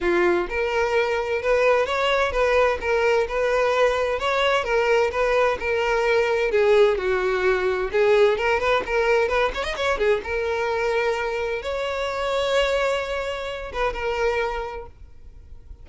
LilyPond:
\new Staff \with { instrumentName = "violin" } { \time 4/4 \tempo 4 = 129 f'4 ais'2 b'4 | cis''4 b'4 ais'4 b'4~ | b'4 cis''4 ais'4 b'4 | ais'2 gis'4 fis'4~ |
fis'4 gis'4 ais'8 b'8 ais'4 | b'8 cis''16 dis''16 cis''8 gis'8 ais'2~ | ais'4 cis''2.~ | cis''4. b'8 ais'2 | }